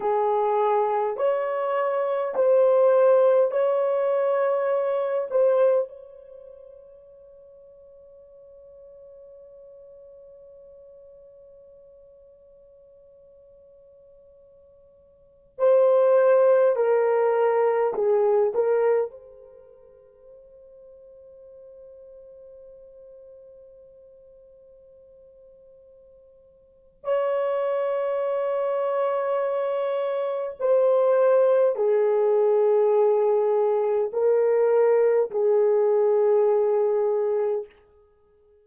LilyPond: \new Staff \with { instrumentName = "horn" } { \time 4/4 \tempo 4 = 51 gis'4 cis''4 c''4 cis''4~ | cis''8 c''8 cis''2.~ | cis''1~ | cis''4~ cis''16 c''4 ais'4 gis'8 ais'16~ |
ais'16 c''2.~ c''8.~ | c''2. cis''4~ | cis''2 c''4 gis'4~ | gis'4 ais'4 gis'2 | }